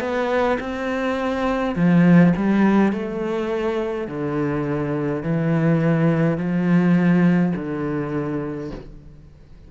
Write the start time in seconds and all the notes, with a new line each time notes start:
0.00 B3
0.60 C4
1.76 F3
2.37 G3
2.92 A3
4.08 D3
5.22 E3
6.37 F3
7.55 D3